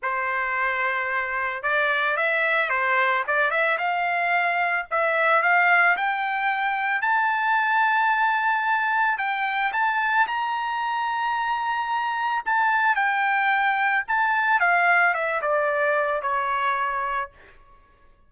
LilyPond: \new Staff \with { instrumentName = "trumpet" } { \time 4/4 \tempo 4 = 111 c''2. d''4 | e''4 c''4 d''8 e''8 f''4~ | f''4 e''4 f''4 g''4~ | g''4 a''2.~ |
a''4 g''4 a''4 ais''4~ | ais''2. a''4 | g''2 a''4 f''4 | e''8 d''4. cis''2 | }